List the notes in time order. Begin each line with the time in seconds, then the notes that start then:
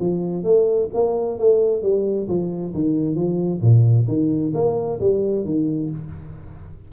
0.00 F3
0.44 A3
0.94 A#3
1.39 A3
1.82 G3
2.28 F3
2.74 D#3
3.15 F3
3.61 A#2
4.08 D#3
4.54 A#3
5.00 G3
5.45 D#3